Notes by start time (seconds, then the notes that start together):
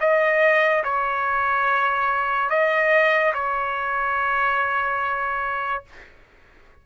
0.00 D#5
0.84 C#5
2.50 D#5
3.34 C#5